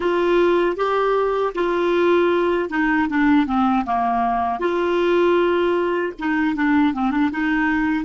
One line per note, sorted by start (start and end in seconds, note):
0.00 0.76 F4
0.76 1.53 G4
1.55 2.69 F4
2.69 3.08 D#4
3.08 3.46 D4
3.46 3.84 C4
3.85 4.59 A#3
4.59 6.13 F4
6.19 6.55 D#4
6.55 6.93 D4
6.93 7.10 C4
7.10 7.30 D4
7.31 8.04 D#4